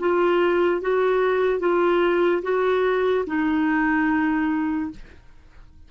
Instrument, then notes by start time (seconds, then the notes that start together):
clarinet
0.00 F4
0.82 F#4
1.60 F4
2.43 F#4
3.27 D#4